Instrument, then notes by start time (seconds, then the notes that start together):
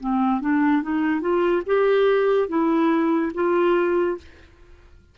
clarinet
0.00 C4
0.41 D4
0.82 D#4
1.21 F4
1.66 G4
2.48 E4
3.34 F4